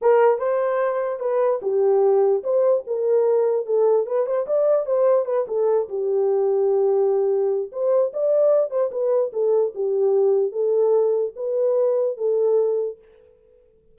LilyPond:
\new Staff \with { instrumentName = "horn" } { \time 4/4 \tempo 4 = 148 ais'4 c''2 b'4 | g'2 c''4 ais'4~ | ais'4 a'4 b'8 c''8 d''4 | c''4 b'8 a'4 g'4.~ |
g'2. c''4 | d''4. c''8 b'4 a'4 | g'2 a'2 | b'2 a'2 | }